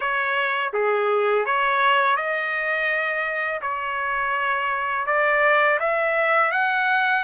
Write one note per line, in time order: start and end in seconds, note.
0.00 0.72 C#5
0.73 1.45 G#4
1.45 2.16 C#5
2.16 3.60 D#5
3.61 5.06 C#5
5.06 5.78 D5
5.79 6.51 E5
6.51 7.23 F#5